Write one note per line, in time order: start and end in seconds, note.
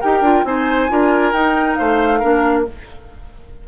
0.00 0.20 D#4
0.00 0.23 G4
0.00 0.44 A#4
0.00 0.45 G5
0.20 0.42 D4
0.20 0.45 F4
0.44 0.88 C4
0.44 0.88 D#4
0.44 0.91 C5
0.44 1.32 G#5
0.88 1.32 D4
0.88 1.32 F4
0.88 1.78 A#4
1.32 1.76 D#4
1.32 2.20 D#4
1.32 1.75 G5
1.75 2.23 A3
1.75 2.19 C5
1.75 2.63 F5
2.19 2.67 A#3
2.19 2.65 D4
2.19 2.63 A#4